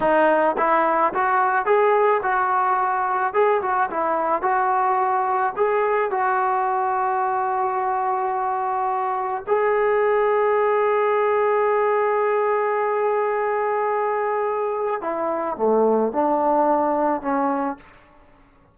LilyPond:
\new Staff \with { instrumentName = "trombone" } { \time 4/4 \tempo 4 = 108 dis'4 e'4 fis'4 gis'4 | fis'2 gis'8 fis'8 e'4 | fis'2 gis'4 fis'4~ | fis'1~ |
fis'4 gis'2.~ | gis'1~ | gis'2. e'4 | a4 d'2 cis'4 | }